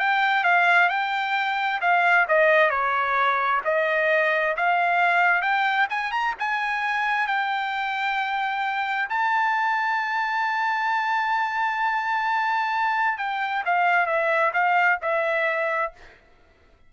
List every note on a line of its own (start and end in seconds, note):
0.00 0.44 G5
0.44 0.90 F5
0.90 1.81 G5
1.81 2.27 F5
2.29 2.71 D#5
2.71 3.62 C#5
3.65 4.56 D#5
4.57 5.42 F5
5.42 5.88 G5
5.90 6.12 G#5
6.12 6.35 A#5
6.39 7.27 G#5
7.27 9.09 G5
9.10 13.18 A5
13.18 13.64 G5
13.66 14.07 F5
14.07 14.52 E5
14.54 15.00 F5
15.02 15.93 E5